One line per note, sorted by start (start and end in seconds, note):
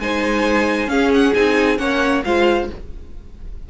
0.00 0.87 G#3
0.00 0.89 D#4
0.00 0.91 C5
0.00 0.89 G#5
0.87 1.32 C#4
0.87 1.33 C#4
0.87 1.80 G#4
0.87 1.12 F5
1.14 1.34 F#5
1.34 1.79 C4
1.34 1.78 D#4
1.34 1.78 G#5
1.78 2.24 A#3
1.78 2.23 C#4
1.78 2.25 C#5
1.78 2.23 F#5
2.25 2.70 G#3
2.25 2.70 F4
2.25 2.71 C5
2.25 2.70 F5